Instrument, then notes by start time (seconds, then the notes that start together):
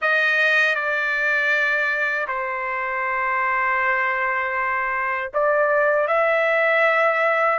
trumpet
0.01 D#5
0.75 D5
2.27 C5
5.33 D5
6.07 E5